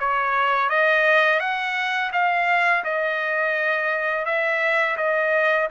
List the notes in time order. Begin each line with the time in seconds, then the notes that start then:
0.00 C#5
0.69 D#5
1.40 F#5
2.13 F5
2.84 D#5
4.25 E5
4.97 D#5